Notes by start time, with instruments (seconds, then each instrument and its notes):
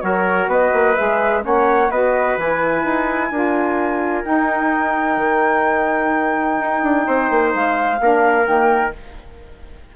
0.00 bassoon F#3, saxophone F#4, trumpet A#4, flute C#5
0.47 bassoon B3, trumpet B4, flute D#5
0.73 bassoon A#3
0.95 bassoon G#3, saxophone G#4, flute E5
1.41 bassoon A#3, saxophone C#4, trumpet C#5, flute F#5
1.90 bassoon B3, saxophone F#4, trumpet B4, flute D#5
2.37 bassoon E3, saxophone E4, flute G#5
2.83 bassoon D#4
3.30 bassoon D4, saxophone F4, trumpet A#4
4.22 saxophone D#4, bassoon D#4, flute G5
5.16 bassoon D#3
6.59 bassoon D#4
6.82 bassoon D4
7.06 bassoon C4, trumpet C5
7.30 bassoon A#3
7.54 bassoon G#3, flute F5
8.00 bassoon A#3, saxophone D4, trumpet A#4
8.44 bassoon D#3, saxophone A#3, flute G5